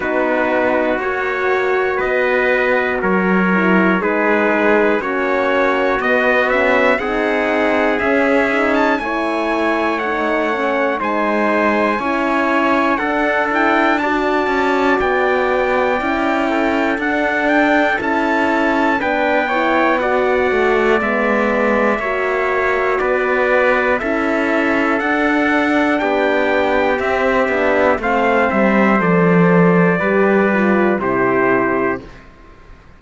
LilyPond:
<<
  \new Staff \with { instrumentName = "trumpet" } { \time 4/4 \tempo 4 = 60 b'4 cis''4 dis''4 cis''4 | b'4 cis''4 dis''8 e''8 fis''4 | e''8. a''16 gis''4 fis''4 gis''4~ | gis''4 fis''8 g''8 a''4 g''4~ |
g''4 fis''8 g''8 a''4 g''4 | fis''4 e''2 d''4 | e''4 fis''4 g''4 e''4 | f''8 e''8 d''2 c''4 | }
  \new Staff \with { instrumentName = "trumpet" } { \time 4/4 fis'2 b'4 ais'4 | gis'4 fis'2 gis'4~ | gis'4 cis''2 c''4 | cis''4 a'4 d''2~ |
d''8 a'2~ a'8 b'8 cis''8 | d''2 cis''4 b'4 | a'2 g'2 | c''2 b'4 g'4 | }
  \new Staff \with { instrumentName = "horn" } { \time 4/4 dis'4 fis'2~ fis'8 e'8 | dis'4 cis'4 b8 cis'8 dis'4 | cis'8 dis'8 e'4 dis'8 cis'8 dis'4 | e'4 d'8 e'8 fis'2 |
e'4 d'4 e'4 d'8 e'8 | fis'4 b4 fis'2 | e'4 d'2 c'8 d'8 | c'4 a'4 g'8 f'8 e'4 | }
  \new Staff \with { instrumentName = "cello" } { \time 4/4 b4 ais4 b4 fis4 | gis4 ais4 b4 c'4 | cis'4 a2 gis4 | cis'4 d'4. cis'8 b4 |
cis'4 d'4 cis'4 b4~ | b8 a8 gis4 ais4 b4 | cis'4 d'4 b4 c'8 b8 | a8 g8 f4 g4 c4 | }
>>